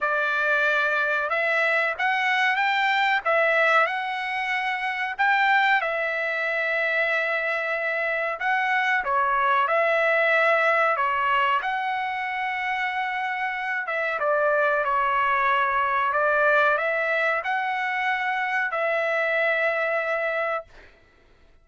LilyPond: \new Staff \with { instrumentName = "trumpet" } { \time 4/4 \tempo 4 = 93 d''2 e''4 fis''4 | g''4 e''4 fis''2 | g''4 e''2.~ | e''4 fis''4 cis''4 e''4~ |
e''4 cis''4 fis''2~ | fis''4. e''8 d''4 cis''4~ | cis''4 d''4 e''4 fis''4~ | fis''4 e''2. | }